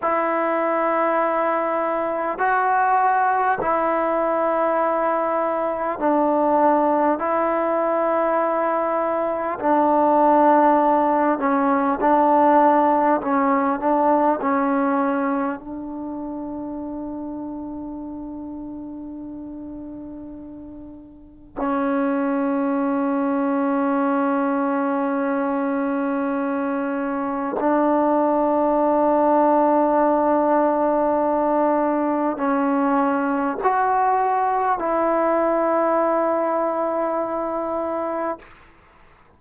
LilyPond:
\new Staff \with { instrumentName = "trombone" } { \time 4/4 \tempo 4 = 50 e'2 fis'4 e'4~ | e'4 d'4 e'2 | d'4. cis'8 d'4 cis'8 d'8 | cis'4 d'2.~ |
d'2 cis'2~ | cis'2. d'4~ | d'2. cis'4 | fis'4 e'2. | }